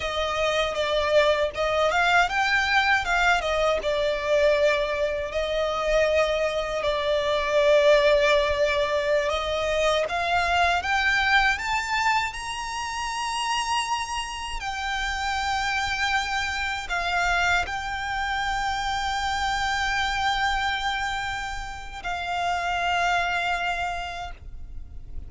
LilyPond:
\new Staff \with { instrumentName = "violin" } { \time 4/4 \tempo 4 = 79 dis''4 d''4 dis''8 f''8 g''4 | f''8 dis''8 d''2 dis''4~ | dis''4 d''2.~ | d''16 dis''4 f''4 g''4 a''8.~ |
a''16 ais''2. g''8.~ | g''2~ g''16 f''4 g''8.~ | g''1~ | g''4 f''2. | }